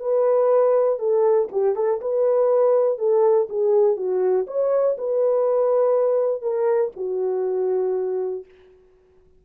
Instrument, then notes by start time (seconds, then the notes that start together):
horn
0.00 B4
0.99 A4
1.52 G4
1.76 A4
2.01 B4
2.98 A4
3.50 G#4
3.97 F#4
4.47 C#5
4.98 B4
6.42 A#4
6.96 F#4